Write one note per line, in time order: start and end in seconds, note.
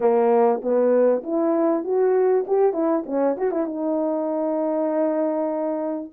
0.00 0.61 A#3
0.61 1.22 B3
1.23 1.83 E4
1.83 2.45 F#4
2.47 2.73 G4
2.73 3.03 E4
3.06 3.36 C#4
3.37 3.51 F#4
3.51 3.66 E4
3.66 6.11 D#4